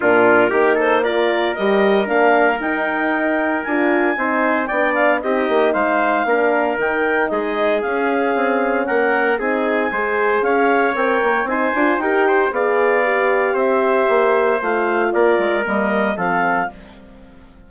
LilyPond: <<
  \new Staff \with { instrumentName = "clarinet" } { \time 4/4 \tempo 4 = 115 ais'4. c''8 d''4 dis''4 | f''4 g''2 gis''4~ | gis''4 g''8 f''8 dis''4 f''4~ | f''4 g''4 dis''4 f''4~ |
f''4 fis''4 gis''2 | f''4 g''4 gis''4 g''4 | f''2 e''2 | f''4 d''4 dis''4 f''4 | }
  \new Staff \with { instrumentName = "trumpet" } { \time 4/4 f'4 g'8 a'8 ais'2~ | ais'1 | c''4 d''4 g'4 c''4 | ais'2 gis'2~ |
gis'4 ais'4 gis'4 c''4 | cis''2 c''4 ais'8 c''8 | d''2 c''2~ | c''4 ais'2 a'4 | }
  \new Staff \with { instrumentName = "horn" } { \time 4/4 d'4 dis'4 f'4 g'4 | d'4 dis'2 f'4 | dis'4 d'4 dis'2 | d'4 dis'2 cis'4~ |
cis'2 dis'4 gis'4~ | gis'4 ais'4 dis'8 f'8 g'4 | gis'4 g'2. | f'2 ais4 c'4 | }
  \new Staff \with { instrumentName = "bassoon" } { \time 4/4 ais,4 ais2 g4 | ais4 dis'2 d'4 | c'4 b4 c'8 ais8 gis4 | ais4 dis4 gis4 cis'4 |
c'4 ais4 c'4 gis4 | cis'4 c'8 ais8 c'8 d'8 dis'4 | b2 c'4 ais4 | a4 ais8 gis8 g4 f4 | }
>>